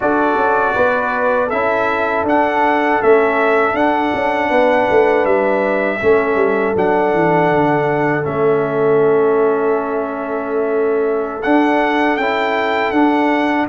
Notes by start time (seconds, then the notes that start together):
0.00 D4 F#4 A4 D5
0.35 C#4
0.74 B3 B4
1.47 C#4 E4 A4 E5
2.23 D4 F#5
3.01 A3 C#4 E5
3.74 D4 F#5
4.13 C#4
4.49 B3 B4
4.90 A3
5.25 G3 E5
6.00 A3 C#4 A4
6.35 G3
6.75 F#3 D4 F#5
7.13 E3
7.50 D3
8.22 A3 C#4 E5
11.42 D4 F#5
12.16 C#4 E4 G5
12.91 D4 F#5